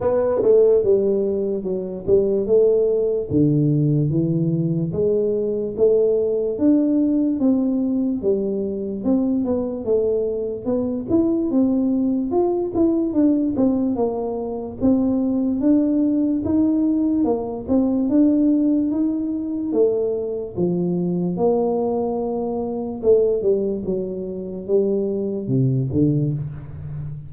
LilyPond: \new Staff \with { instrumentName = "tuba" } { \time 4/4 \tempo 4 = 73 b8 a8 g4 fis8 g8 a4 | d4 e4 gis4 a4 | d'4 c'4 g4 c'8 b8 | a4 b8 e'8 c'4 f'8 e'8 |
d'8 c'8 ais4 c'4 d'4 | dis'4 ais8 c'8 d'4 dis'4 | a4 f4 ais2 | a8 g8 fis4 g4 c8 d8 | }